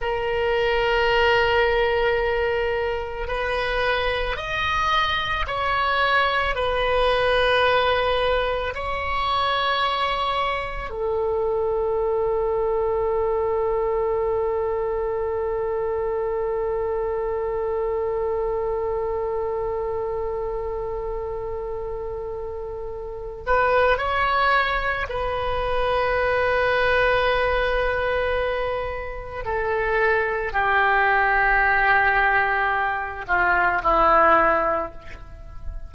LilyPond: \new Staff \with { instrumentName = "oboe" } { \time 4/4 \tempo 4 = 55 ais'2. b'4 | dis''4 cis''4 b'2 | cis''2 a'2~ | a'1~ |
a'1~ | a'4. b'8 cis''4 b'4~ | b'2. a'4 | g'2~ g'8 f'8 e'4 | }